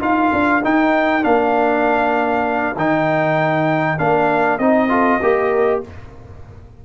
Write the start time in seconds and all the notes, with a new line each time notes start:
0.00 D#4 F4 A#4 F5
0.33 D4
0.64 D#4 G5
1.22 A#3 D4 F5
2.76 D#3 D#4 G5
3.98 A#3 D4 F5
4.59 C4 D#4 D#5
4.89 F4 A4
5.22 A#3 G4 A#4